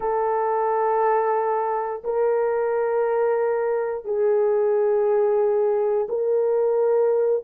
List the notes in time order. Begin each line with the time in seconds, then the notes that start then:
0.00 A4
2.03 A#4
4.04 G#4
6.08 A#4